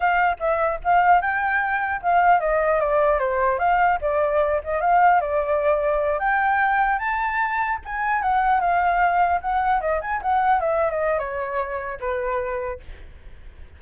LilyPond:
\new Staff \with { instrumentName = "flute" } { \time 4/4 \tempo 4 = 150 f''4 e''4 f''4 g''4~ | g''4 f''4 dis''4 d''4 | c''4 f''4 d''4. dis''8 | f''4 d''2~ d''8 g''8~ |
g''4. a''2 gis''8~ | gis''8 fis''4 f''2 fis''8~ | fis''8 dis''8 gis''8 fis''4 e''8. dis''8. | cis''2 b'2 | }